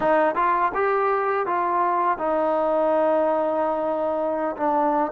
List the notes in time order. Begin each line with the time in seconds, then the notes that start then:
0.00 D#4
0.35 F4
0.74 G4
1.46 F4
2.18 D#4
4.57 D4